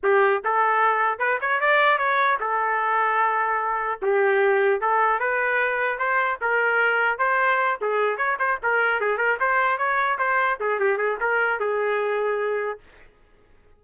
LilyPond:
\new Staff \with { instrumentName = "trumpet" } { \time 4/4 \tempo 4 = 150 g'4 a'2 b'8 cis''8 | d''4 cis''4 a'2~ | a'2 g'2 | a'4 b'2 c''4 |
ais'2 c''4. gis'8~ | gis'8 cis''8 c''8 ais'4 gis'8 ais'8 c''8~ | c''8 cis''4 c''4 gis'8 g'8 gis'8 | ais'4 gis'2. | }